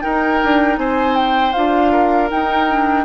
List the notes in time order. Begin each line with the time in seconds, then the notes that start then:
0.00 D#4 A#4 G5
0.43 D4
0.78 C4 C5 G#5
1.16 G5
1.53 D4 F4 F5
1.92 A#4
2.29 D#4 G5
2.69 D4